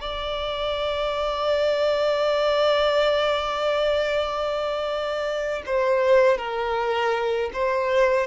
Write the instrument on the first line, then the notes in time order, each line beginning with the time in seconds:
violin
0.00 D5
5.66 C5
6.38 A#4
7.53 C5